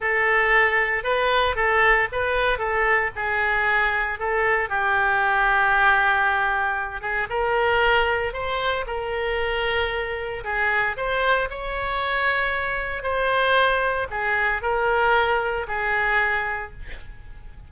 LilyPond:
\new Staff \with { instrumentName = "oboe" } { \time 4/4 \tempo 4 = 115 a'2 b'4 a'4 | b'4 a'4 gis'2 | a'4 g'2.~ | g'4. gis'8 ais'2 |
c''4 ais'2. | gis'4 c''4 cis''2~ | cis''4 c''2 gis'4 | ais'2 gis'2 | }